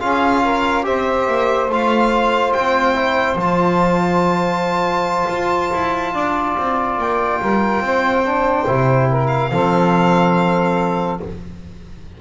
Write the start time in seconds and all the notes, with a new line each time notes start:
0.00 C#4 F4 G#4 F5
0.44 A#4
0.83 C4 G4 C5 E5
1.28 A#3
1.69 A3 F4 F5
2.53 C4 G5
2.95 E4
3.36 F3 F4 A5
5.29 F4
5.73 E4
6.14 D4 D5
6.58 C4
6.98 A#3 G5
7.42 G3 A#4
7.81 C4 C5
8.25 D4
8.67 C3 E4
9.09 A#4
9.27 F5
9.52 F3 C4 A4